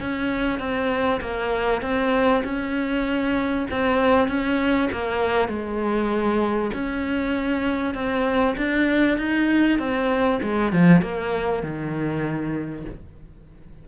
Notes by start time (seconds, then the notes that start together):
0.00 C#4
0.59 C4
1.20 A#3
1.81 C4
2.44 C#4
3.70 C4
4.28 C#4
4.92 A#3
5.48 G#3
6.73 C#4
7.94 C4
8.57 D4
9.17 D#4
9.78 C4
10.42 G#3
10.72 F3
11.01 A#3
11.62 D#3